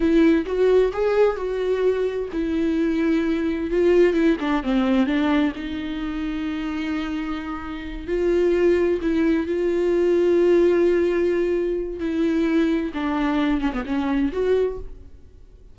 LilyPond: \new Staff \with { instrumentName = "viola" } { \time 4/4 \tempo 4 = 130 e'4 fis'4 gis'4 fis'4~ | fis'4 e'2. | f'4 e'8 d'8 c'4 d'4 | dis'1~ |
dis'4. f'2 e'8~ | e'8 f'2.~ f'8~ | f'2 e'2 | d'4. cis'16 b16 cis'4 fis'4 | }